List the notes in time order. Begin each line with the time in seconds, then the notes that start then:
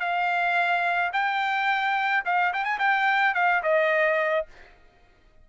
0.00 F5
1.12 G5
2.25 F5
2.53 G5
2.64 G#5
2.79 G5
3.34 F5
3.63 D#5